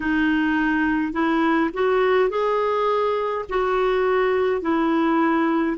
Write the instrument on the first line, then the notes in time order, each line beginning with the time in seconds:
clarinet
0.00 D#4
1.13 E4
1.73 F#4
2.29 G#4
3.49 F#4
4.61 E4